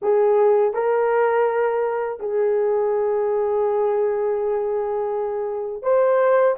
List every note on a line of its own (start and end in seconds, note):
0.02 0.73 G#4
0.73 2.19 A#4
2.19 5.82 G#4
5.82 6.55 C5